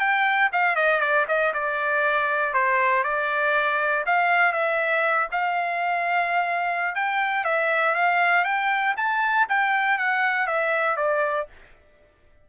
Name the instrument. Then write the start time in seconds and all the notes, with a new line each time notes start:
trumpet
0.00 G5
0.53 F5
0.76 D#5
1.01 D5
1.28 D#5
1.54 D5
2.54 C5
3.04 D5
4.07 F5
4.53 E5
5.32 F5
6.96 G5
7.45 E5
7.95 F5
8.45 G5
8.97 A5
9.49 G5
9.98 F#5
10.47 E5
10.97 D5